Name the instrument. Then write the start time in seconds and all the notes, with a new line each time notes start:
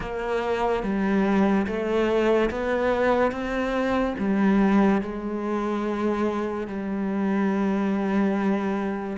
cello
0.00 A#3
0.83 G3
1.66 A3
2.50 B3
3.31 C4
4.18 G3
5.01 G#3
6.67 G3